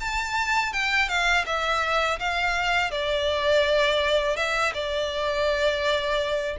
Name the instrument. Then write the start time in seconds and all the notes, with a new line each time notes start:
violin
0.00 A5
0.73 G5
1.08 F5
1.45 E5
2.19 F5
2.91 D5
4.36 E5
4.73 D5